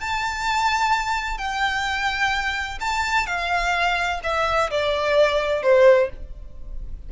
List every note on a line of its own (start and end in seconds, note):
0.00 1.38 A5
1.38 2.78 G5
2.80 3.26 A5
3.26 4.20 F5
4.23 4.70 E5
4.70 5.62 D5
5.62 6.09 C5